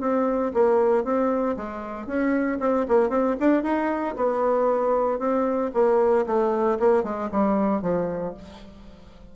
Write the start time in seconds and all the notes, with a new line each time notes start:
0.00 C4
0.53 A#3
1.04 C4
1.56 G#3
2.06 C#4
2.59 C4
2.88 A#3
3.09 C4
3.40 D4
3.63 D#4
4.16 B3
5.18 C4
5.73 A#3
6.26 A3
6.79 A#3
7.03 G#3
7.31 G3
7.81 F3